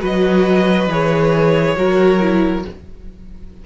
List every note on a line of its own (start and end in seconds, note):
0.00 0.88 F#3
0.00 0.87 F#4
0.00 1.76 B4
0.00 0.92 D#5
0.88 1.75 E3
0.88 1.77 G#4
0.88 2.66 C#5
1.77 2.65 F#3
1.77 2.20 F#4
1.77 2.65 A#4
2.21 2.64 E4